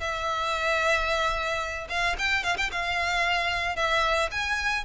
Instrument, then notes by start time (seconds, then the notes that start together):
violin
0.00 E5
1.89 F5
2.18 G5
2.43 F5
2.57 G5
2.72 F5
3.76 E5
4.31 G#5